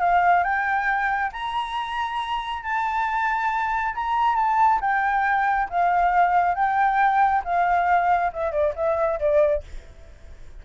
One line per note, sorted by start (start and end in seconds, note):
0.00 0.44 F5
0.44 1.31 G5
1.33 2.63 A#5
2.63 3.95 A5
3.95 4.36 A#5
4.36 4.80 A5
4.81 5.69 G5
5.70 6.55 F5
6.55 7.43 G5
7.45 8.32 F5
8.33 8.52 E5
8.52 8.74 D5
8.76 9.20 E5
9.20 9.64 D5